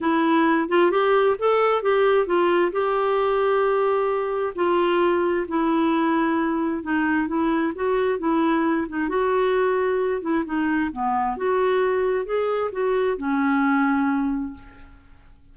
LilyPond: \new Staff \with { instrumentName = "clarinet" } { \time 4/4 \tempo 4 = 132 e'4. f'8 g'4 a'4 | g'4 f'4 g'2~ | g'2 f'2 | e'2. dis'4 |
e'4 fis'4 e'4. dis'8 | fis'2~ fis'8 e'8 dis'4 | b4 fis'2 gis'4 | fis'4 cis'2. | }